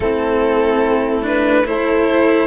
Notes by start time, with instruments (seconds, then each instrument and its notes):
0.00 cello A3 C4, horn E4, violin A4
1.22 cello D4, violin B4
1.65 cello E4, horn A4, violin C5